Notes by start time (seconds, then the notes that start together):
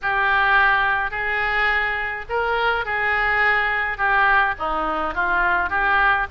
0.02 G4
1.11 G#4
2.29 A#4
2.85 G#4
3.97 G4
4.58 D#4
5.14 F4
5.69 G4